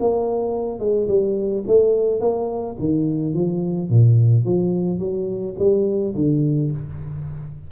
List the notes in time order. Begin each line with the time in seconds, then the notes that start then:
0.00 A#3
0.80 G#3
1.08 G3
1.67 A3
2.20 A#3
2.79 D#3
3.34 F3
3.90 A#2
4.46 F3
4.99 F#3
5.59 G3
6.16 D3